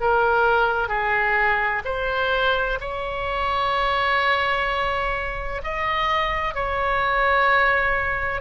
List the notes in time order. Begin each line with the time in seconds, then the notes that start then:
0.00 A#4
0.88 G#4
1.85 C5
2.80 C#5
5.63 D#5
6.54 C#5